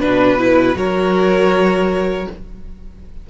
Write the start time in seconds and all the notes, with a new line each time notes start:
0.00 B2 D4 B4
0.39 E4
0.75 F#3 F#4 A#4 C#5